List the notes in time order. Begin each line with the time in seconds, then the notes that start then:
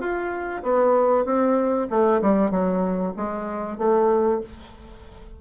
0.00 F4
0.63 B3
1.26 C4
1.90 A3
2.22 G3
2.51 F#3
3.17 G#3
3.78 A3